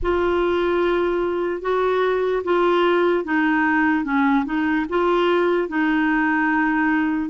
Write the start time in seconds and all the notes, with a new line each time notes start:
0.02 F4
1.61 F#4
2.44 F4
3.24 D#4
4.04 C#4
4.45 D#4
4.89 F4
5.68 D#4